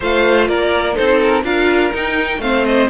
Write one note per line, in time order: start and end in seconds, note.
0.00 0.48 A3
0.00 0.94 F4
0.00 0.47 C5
0.00 0.47 F5
0.47 0.96 A#3
0.47 0.95 A#4
0.47 0.95 D5
0.94 1.43 C4
0.94 1.42 D#4
0.94 1.43 A4
0.94 1.20 C5
1.23 1.44 A#4
1.43 1.91 D4
1.43 1.92 F4
1.43 2.40 A#4
1.43 1.92 F5
1.92 2.40 D#4
1.92 2.38 D#4
1.92 2.41 G5
2.38 2.86 A3
2.38 2.89 C4
2.38 2.90 C5
2.38 2.65 F5
2.65 2.89 D#5